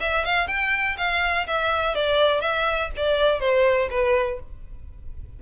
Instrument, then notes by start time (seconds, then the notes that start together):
violin
0.00 E5
0.25 F5
0.47 G5
0.97 F5
1.47 E5
1.95 D5
2.41 E5
2.96 D5
3.40 C5
3.90 B4